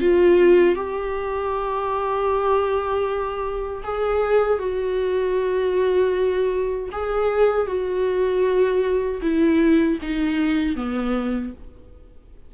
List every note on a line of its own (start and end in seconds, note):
0.00 0.75 F4
0.75 3.83 G4
3.84 4.59 G#4
4.59 6.90 F#4
6.92 7.67 G#4
7.67 9.21 F#4
9.22 9.99 E4
10.02 10.76 D#4
10.76 11.53 B3